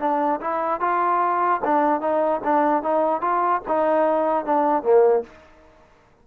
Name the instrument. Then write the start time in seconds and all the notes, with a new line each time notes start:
trombone
0.00 D4
0.41 E4
0.81 F4
1.65 D4
2.01 D#4
2.44 D4
2.83 D#4
3.21 F4
3.68 D#4
4.46 D4
4.83 A#3